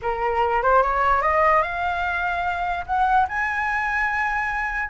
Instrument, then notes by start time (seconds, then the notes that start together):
flute
0.01 A#4
0.62 C5
0.82 C#5
1.21 D#5
1.62 F5
2.86 F#5
3.28 G#5